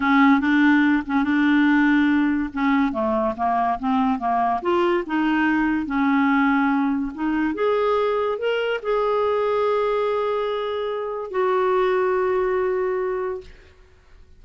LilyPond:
\new Staff \with { instrumentName = "clarinet" } { \time 4/4 \tempo 4 = 143 cis'4 d'4. cis'8 d'4~ | d'2 cis'4 a4 | ais4 c'4 ais4 f'4 | dis'2 cis'2~ |
cis'4 dis'4 gis'2 | ais'4 gis'2.~ | gis'2. fis'4~ | fis'1 | }